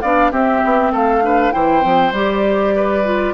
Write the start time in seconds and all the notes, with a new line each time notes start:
0.00 B3 D4 D5 F5
0.31 C4 G4 E5
0.64 B3
0.91 A3 A4 F5
1.21 D4 B4
1.51 E3 E4 C5 G5
1.81 F3 C4
2.11 G3 G4 D5
2.75 B4
3.04 F4